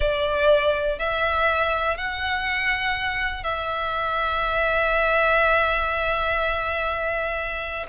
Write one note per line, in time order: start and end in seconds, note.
0.00 0.98 D5
0.98 1.97 E5
1.97 3.43 F#5
3.43 7.86 E5